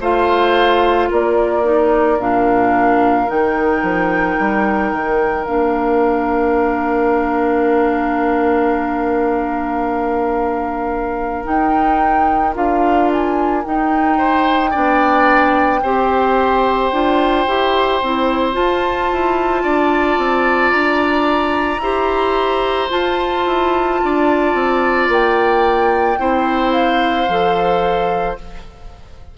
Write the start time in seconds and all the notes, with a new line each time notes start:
0.00 A3 F4 C5 F5
1.10 A#3 A#4 D5
1.63 D#4
2.19 A#2 D4 F5
3.27 D#3 D#4 G5
3.82 F3
4.39 G3
4.92 D#3
5.44 A#3 D4 F5
11.44 D#4 G5
12.54 D4 F4 F5
13.12 G#5
13.64 D#4 G5
14.17 C5
14.70 B3 D4 D5
15.82 C4 G4 C5
16.92 D4 F4
17.47 E4 G4
18.02 C4 E4
18.52 F4 A5
19.12 E4
19.63 D4 D5
20.18 C4
20.71 D4 A#5
21.79 E4 G4 C5
22.89 F4 A5
23.46 E4
24.04 D4 D5
24.54 C4
25.08 A#3 G5
26.18 C4 E4 C5
26.72 F5
27.28 F3 A4